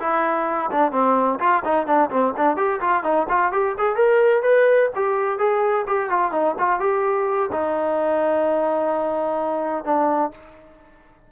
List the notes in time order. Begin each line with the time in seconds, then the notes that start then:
0.00 E4
0.71 D4
0.92 C4
1.40 F4
1.65 D#4
1.87 D4
2.11 C4
2.37 D4
2.57 G4
2.81 F4
3.04 D#4
3.29 F4
3.52 G4
3.78 G#4
3.96 A#4
4.43 B4
4.96 G4
5.39 G#4
5.87 G4
6.10 F4
6.32 D#4
6.59 F4
6.80 G4
7.52 D#4
9.85 D4